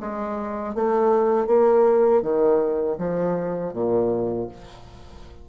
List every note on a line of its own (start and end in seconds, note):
0.00 0.75 G#3
0.75 1.47 A3
1.47 2.22 A#3
2.22 2.97 D#3
2.98 3.73 F3
3.74 4.49 A#2